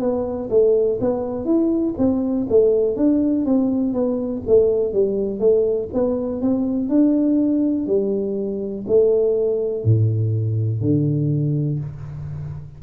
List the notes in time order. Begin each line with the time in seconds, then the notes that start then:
0.00 B3
0.50 A3
1.00 B3
1.45 E4
1.98 C4
2.49 A3
2.96 D4
3.45 C4
3.93 B3
4.47 A3
4.93 G3
5.39 A3
5.93 B3
6.41 C4
6.89 D4
7.86 G3
8.87 A3
9.84 A2
10.81 D3